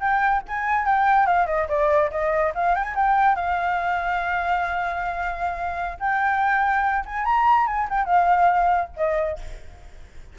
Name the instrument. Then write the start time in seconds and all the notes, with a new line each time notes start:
flute
0.00 G5
0.48 G#5
0.85 G5
1.26 F5
1.46 D#5
1.68 D5
2.11 D#5
2.55 F5
2.75 G5
2.84 G#5
2.95 G5
3.35 F5
5.99 G5
7.05 G#5
7.25 A#5
7.67 G#5
7.90 G5
8.05 F5
8.96 D#5